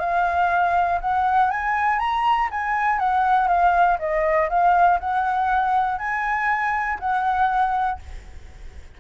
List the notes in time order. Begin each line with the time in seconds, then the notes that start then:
0.00 F5
1.01 F#5
1.51 G#5
2.00 A#5
2.51 G#5
2.99 F#5
3.48 F5
3.99 D#5
4.50 F5
5.00 F#5
5.99 G#5
7.00 F#5